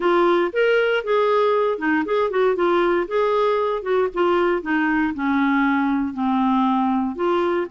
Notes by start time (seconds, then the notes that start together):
0.00 F4
0.52 A#4
1.04 G#4
1.78 D#4
2.05 G#4
2.30 F#4
2.55 F4
3.07 G#4
3.82 F#4
4.14 F4
4.62 D#4
5.14 C#4
6.13 C4
7.15 F4